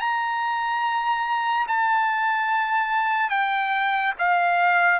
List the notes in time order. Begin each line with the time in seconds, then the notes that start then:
0.00 A#5
1.68 A5
3.30 G5
4.19 F5